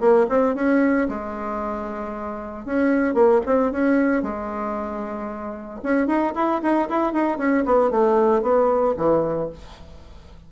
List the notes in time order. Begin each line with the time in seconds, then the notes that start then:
0.00 A#3
0.29 C4
0.55 C#4
1.09 G#3
2.65 C#4
3.14 A#3
3.46 C4
3.72 C#4
4.22 G#3
5.83 C#4
6.07 D#4
6.35 E4
6.62 D#4
6.89 E4
7.13 D#4
7.38 C#4
7.65 B3
7.90 A3
8.42 B3
8.97 E3